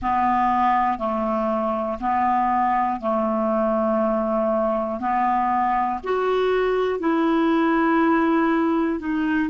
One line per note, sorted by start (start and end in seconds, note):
0.01 0.98 B3
0.98 1.98 A3
2.00 3.00 B3
3.00 5.00 A3
5.00 6.00 B3
6.03 6.99 F#4
6.99 8.99 E4
9.00 9.49 D#4